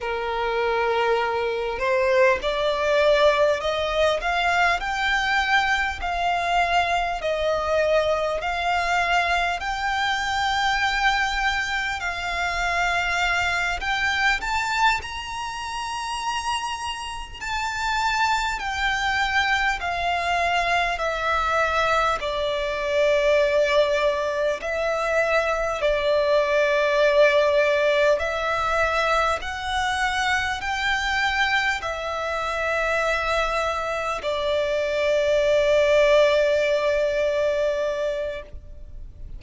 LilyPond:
\new Staff \with { instrumentName = "violin" } { \time 4/4 \tempo 4 = 50 ais'4. c''8 d''4 dis''8 f''8 | g''4 f''4 dis''4 f''4 | g''2 f''4. g''8 | a''8 ais''2 a''4 g''8~ |
g''8 f''4 e''4 d''4.~ | d''8 e''4 d''2 e''8~ | e''8 fis''4 g''4 e''4.~ | e''8 d''2.~ d''8 | }